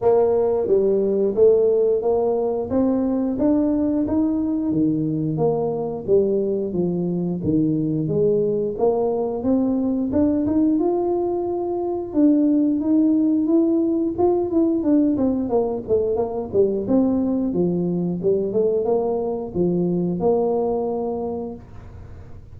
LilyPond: \new Staff \with { instrumentName = "tuba" } { \time 4/4 \tempo 4 = 89 ais4 g4 a4 ais4 | c'4 d'4 dis'4 dis4 | ais4 g4 f4 dis4 | gis4 ais4 c'4 d'8 dis'8 |
f'2 d'4 dis'4 | e'4 f'8 e'8 d'8 c'8 ais8 a8 | ais8 g8 c'4 f4 g8 a8 | ais4 f4 ais2 | }